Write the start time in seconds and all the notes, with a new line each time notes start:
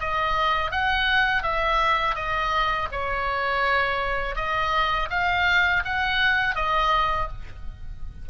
0.00 D#5
0.72 F#5
1.43 E5
2.15 D#5
2.92 C#5
4.36 D#5
5.11 F5
5.85 F#5
6.56 D#5